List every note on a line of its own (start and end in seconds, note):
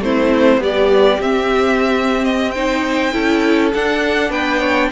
0.00 0.57 A3
0.00 0.60 C4
0.00 0.62 E4
0.00 0.62 C5
0.57 1.19 G3
0.57 1.17 B3
0.57 2.54 G4
0.57 1.21 D5
1.20 3.13 C4
1.20 2.55 C4
1.20 2.24 E5
2.24 2.51 D#5
2.51 3.12 D#4
2.51 3.14 C5
2.51 3.70 G5
3.12 3.73 C#4
3.12 3.71 E4
3.12 4.30 A4
3.73 4.30 D4
3.73 4.91 D4
3.73 4.31 F#5
4.30 4.89 B3
4.30 4.59 B4
4.30 4.90 G5
4.59 4.89 C#5